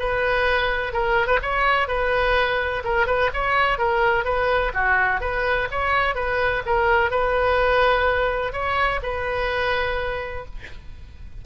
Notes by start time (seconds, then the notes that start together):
0.00 B4
0.93 A#4
1.28 B4
1.43 C#5
1.88 B4
2.85 A#4
3.07 B4
3.34 C#5
3.79 A#4
4.25 B4
4.74 F#4
5.21 B4
5.71 C#5
6.15 B4
6.66 A#4
7.11 B4
8.53 C#5
9.03 B4